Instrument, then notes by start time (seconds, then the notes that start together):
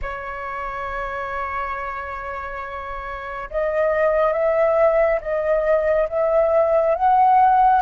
flute
0.02 C#5
3.50 D#5
4.32 E5
5.21 D#5
6.09 E5
6.95 F#5